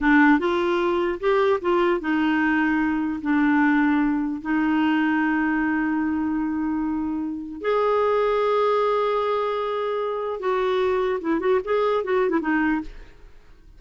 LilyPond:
\new Staff \with { instrumentName = "clarinet" } { \time 4/4 \tempo 4 = 150 d'4 f'2 g'4 | f'4 dis'2. | d'2. dis'4~ | dis'1~ |
dis'2. gis'4~ | gis'1~ | gis'2 fis'2 | e'8 fis'8 gis'4 fis'8. e'16 dis'4 | }